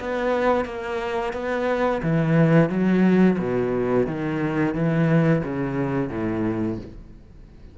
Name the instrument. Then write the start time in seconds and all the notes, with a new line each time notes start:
cello
0.00 B3
0.66 A#3
1.34 B3
2.03 E3
2.70 F#3
3.39 B2
4.07 D#3
4.75 E3
5.45 C#3
6.10 A2